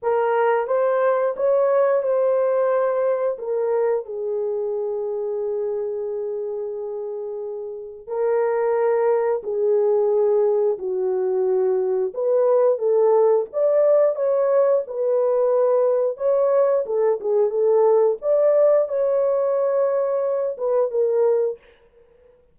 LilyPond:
\new Staff \with { instrumentName = "horn" } { \time 4/4 \tempo 4 = 89 ais'4 c''4 cis''4 c''4~ | c''4 ais'4 gis'2~ | gis'1 | ais'2 gis'2 |
fis'2 b'4 a'4 | d''4 cis''4 b'2 | cis''4 a'8 gis'8 a'4 d''4 | cis''2~ cis''8 b'8 ais'4 | }